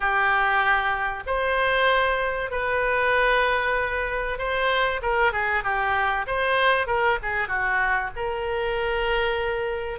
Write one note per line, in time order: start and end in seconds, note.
0.00 1.23 G4
1.26 2.50 C5
2.50 4.38 B4
4.38 5.00 C5
5.01 5.32 A#4
5.32 5.63 G#4
5.63 6.26 G4
6.27 6.87 C5
6.87 7.18 A#4
7.22 7.48 G#4
7.48 8.10 F#4
8.16 9.99 A#4